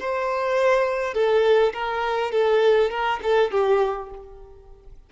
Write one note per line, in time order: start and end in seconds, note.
0.00 1.14 C5
1.14 1.73 A4
1.74 2.32 A#4
2.32 2.90 A4
2.90 3.20 A#4
3.23 3.51 A4
3.51 4.10 G4